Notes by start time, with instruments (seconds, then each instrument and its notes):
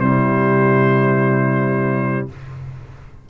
0.00 tuba C3, trombone G3, horn E4, trumpet C5